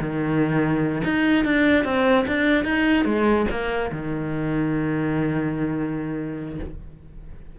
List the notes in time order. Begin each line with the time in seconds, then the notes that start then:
0.00 D#3
1.04 D#4
1.45 D4
1.84 C4
2.27 D4
2.64 D#4
3.05 G#3
3.50 A#3
3.92 D#3